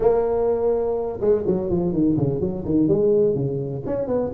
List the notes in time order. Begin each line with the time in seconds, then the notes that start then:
0.00 A#3
1.20 G#3
1.47 F#3
1.70 F3
1.92 D#3
2.17 C#3
2.40 F#3
2.64 D#3
2.88 G#3
3.34 C#3
3.85 C#4
4.07 B3